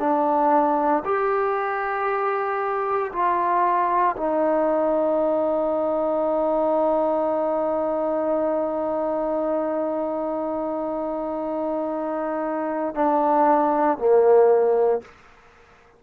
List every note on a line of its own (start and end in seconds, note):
0.00 1.03 D4
1.05 3.12 G4
3.12 4.16 F4
4.17 12.95 D#4
12.95 13.98 D4
13.98 15.01 A#3